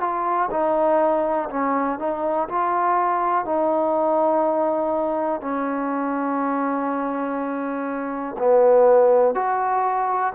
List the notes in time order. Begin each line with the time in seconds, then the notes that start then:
0.00 F4
0.51 D#4
1.49 C#4
1.99 D#4
2.49 F4
3.45 D#4
5.41 C#4
8.38 B3
9.34 F#4